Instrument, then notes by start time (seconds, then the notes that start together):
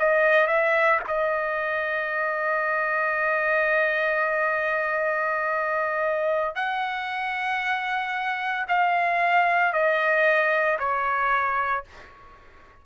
trumpet
0.00 D#5
0.48 E5
1.08 D#5
6.56 F#5
8.68 F5
9.73 D#5
10.79 C#5